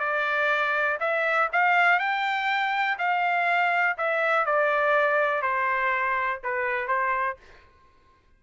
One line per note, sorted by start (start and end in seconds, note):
0.00 0.98 D5
1.00 1.49 E5
1.52 2.00 F5
2.00 2.98 G5
2.99 3.97 F5
3.98 4.46 E5
4.46 5.42 D5
5.42 6.41 C5
6.44 6.88 B4
6.88 7.37 C5